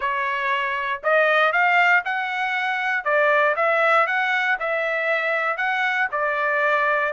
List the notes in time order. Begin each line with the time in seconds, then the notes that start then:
0.00 C#5
1.03 D#5
1.52 F5
2.04 F#5
3.04 D5
3.55 E5
4.06 F#5
4.59 E5
5.57 F#5
6.11 D5